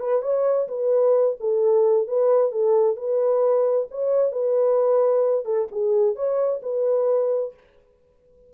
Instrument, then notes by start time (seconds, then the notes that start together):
horn
0.00 B4
0.22 C#5
0.68 B4
1.40 A4
2.08 B4
2.52 A4
2.96 B4
3.91 C#5
4.32 B4
5.45 A4
5.72 G#4
6.15 C#5
6.63 B4